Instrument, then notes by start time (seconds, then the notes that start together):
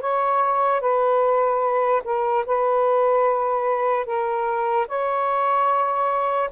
saxophone
0.00 C#5
0.80 B4
2.04 A#4
2.46 B4
4.05 A#4
4.88 C#5